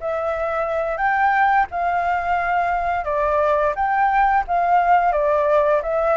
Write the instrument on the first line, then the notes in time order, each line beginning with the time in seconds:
flute
0.00 E5
0.97 G5
1.71 F5
3.04 D5
3.75 G5
4.47 F5
5.12 D5
5.82 E5